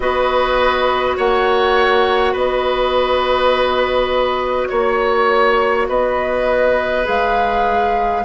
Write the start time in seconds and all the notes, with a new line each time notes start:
0.00 B3 F#4 B4 D#5
1.17 A#3 C#5 F#5
2.32 B3 B4 D#5
4.68 A#3 C#5
5.88 B3 B4 D#5
7.04 G#3 G#4 F5